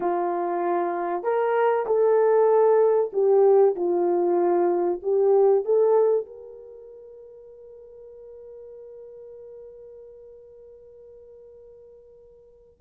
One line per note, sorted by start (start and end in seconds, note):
0.00 1.23 F4
1.23 1.85 A#4
1.86 3.11 A4
3.12 3.75 G4
3.75 5.00 F4
5.02 5.64 G4
5.64 6.26 A4
6.26 12.80 A#4